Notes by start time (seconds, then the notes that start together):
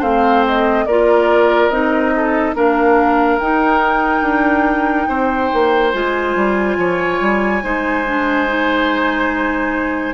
0.00 A3 C4 C5 F5
0.47 D#5
0.85 A#3 F4 A#4 D5
1.70 C4 D#4 D#5
2.16 A4
2.54 A#3 D4 A#4 F5
3.39 D#4 G5
4.22 D4
5.08 C4 C5
5.53 A#3
5.93 G#3 F4 G#5
6.35 G3
6.77 F3 C#5
7.21 G3
7.62 G#3 D#4 C5
8.07 D4
8.48 D#4